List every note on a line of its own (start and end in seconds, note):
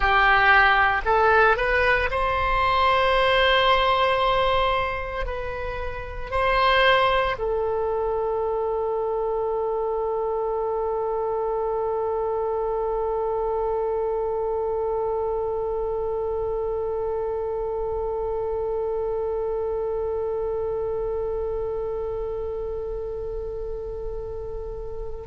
0.00 1.01 G4
1.05 1.56 A4
1.56 2.09 B4
2.11 5.25 C5
5.25 6.30 B4
6.30 7.35 C5
7.38 25.27 A4